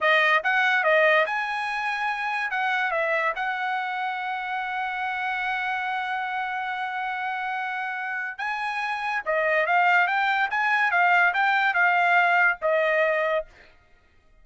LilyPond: \new Staff \with { instrumentName = "trumpet" } { \time 4/4 \tempo 4 = 143 dis''4 fis''4 dis''4 gis''4~ | gis''2 fis''4 e''4 | fis''1~ | fis''1~ |
fis''1 | gis''2 dis''4 f''4 | g''4 gis''4 f''4 g''4 | f''2 dis''2 | }